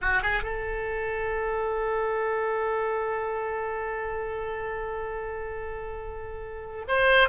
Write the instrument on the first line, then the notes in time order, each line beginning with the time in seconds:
oboe
0.01 F#4
0.22 G#4
0.42 A4
6.87 C5